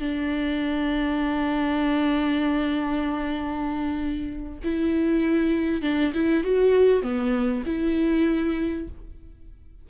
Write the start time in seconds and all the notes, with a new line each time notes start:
0.00 D4
4.64 E4
5.82 D4
6.14 E4
6.44 F#4
7.02 B3
7.66 E4